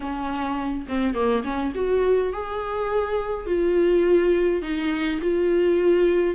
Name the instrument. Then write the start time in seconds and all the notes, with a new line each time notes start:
viola
0.00 C#4
0.88 C4
1.14 A#3
1.44 C#4
1.75 F#4
2.32 G#4
3.46 F4
4.62 D#4
5.21 F4